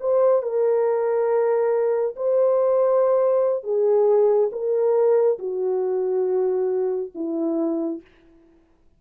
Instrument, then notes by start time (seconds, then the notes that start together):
horn
0.00 C5
0.42 A#4
2.16 C5
3.63 G#4
4.52 A#4
5.39 F#4
7.15 E4